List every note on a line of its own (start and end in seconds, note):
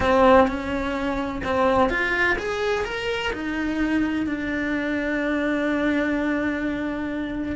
0.00 0.47 C4
0.47 1.42 C#4
1.43 1.89 C4
1.89 2.36 F4
2.38 2.85 G#4
2.85 3.32 A#4
3.32 4.26 D#4
4.26 7.55 D4